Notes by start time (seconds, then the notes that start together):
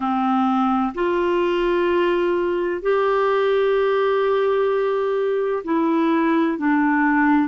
0.00 C4
0.94 F4
2.82 G4
5.64 E4
6.58 D4